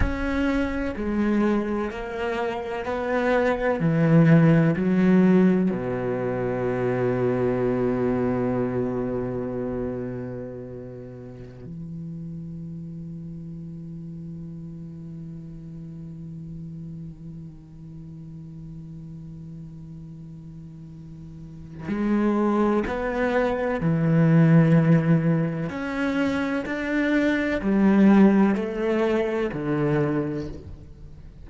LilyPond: \new Staff \with { instrumentName = "cello" } { \time 4/4 \tempo 4 = 63 cis'4 gis4 ais4 b4 | e4 fis4 b,2~ | b,1~ | b,16 e2.~ e8.~ |
e1~ | e2. gis4 | b4 e2 cis'4 | d'4 g4 a4 d4 | }